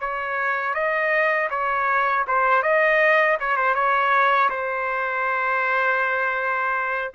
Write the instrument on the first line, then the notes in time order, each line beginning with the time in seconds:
trumpet
0.00 C#5
0.74 D#5
1.50 C#5
2.27 C5
2.62 D#5
3.40 C#5
3.57 C5
3.74 C#5
4.49 C5